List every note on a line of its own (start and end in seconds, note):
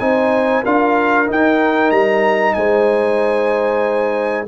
0.00 0.64 C4
0.00 0.64 D#4
0.00 0.63 C5
0.00 0.64 G#5
0.63 1.29 D4
0.63 1.27 F4
0.63 2.55 A#4
0.63 1.29 F5
1.27 4.46 D#4
1.27 1.91 D#4
1.27 1.91 G5
1.91 2.55 G3
1.91 2.54 A#5
2.54 4.47 G#3
2.54 4.48 C5
2.54 4.45 G#5